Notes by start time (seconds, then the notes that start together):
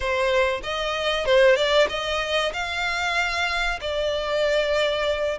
0.00 C5
0.63 D#5
1.25 C5
1.56 D5
1.89 D#5
2.53 F5
3.80 D5